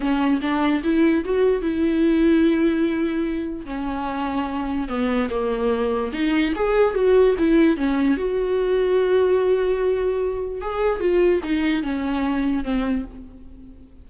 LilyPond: \new Staff \with { instrumentName = "viola" } { \time 4/4 \tempo 4 = 147 cis'4 d'4 e'4 fis'4 | e'1~ | e'4 cis'2. | b4 ais2 dis'4 |
gis'4 fis'4 e'4 cis'4 | fis'1~ | fis'2 gis'4 f'4 | dis'4 cis'2 c'4 | }